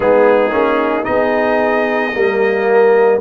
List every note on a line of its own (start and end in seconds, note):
0.00 0.52 G#3
0.00 0.50 B3
0.00 1.07 D#4
0.00 1.04 G#4
0.51 1.06 A#3
0.51 1.04 C#4
1.04 2.14 B3
1.04 2.11 D#4
1.04 2.14 G#4
1.04 3.18 D#5
2.14 3.21 G3
2.14 3.21 A#3
2.14 3.21 A#4